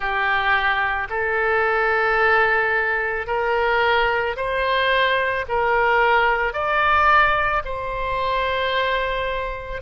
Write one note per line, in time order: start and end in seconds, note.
0.00 1.08 G4
1.09 3.27 A4
3.27 4.36 A#4
4.36 5.45 C5
5.48 6.53 A#4
6.53 7.62 D5
7.65 9.81 C5